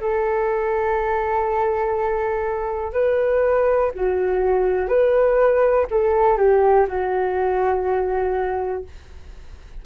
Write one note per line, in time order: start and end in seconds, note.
0.00 2.93 A4
2.93 3.91 B4
3.95 4.88 F#4
4.88 5.86 B4
5.91 6.37 A4
6.37 6.86 G4
6.88 8.84 F#4